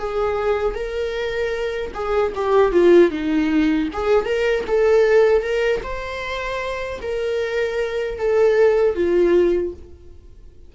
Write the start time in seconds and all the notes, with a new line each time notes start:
0.00 G#4
0.75 A#4
1.94 G#4
2.36 G4
2.73 F4
3.11 D#4
3.93 G#4
4.26 A#4
4.68 A4
5.43 A#4
5.84 C5
7.02 A#4
8.19 A4
8.95 F4